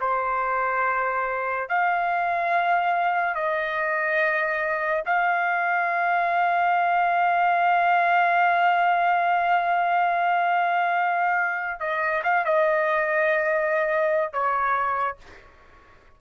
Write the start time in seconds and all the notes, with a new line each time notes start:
0.00 C5
1.69 F5
3.35 D#5
5.06 F5
11.80 D#5
12.23 F5
12.45 D#5
14.33 C#5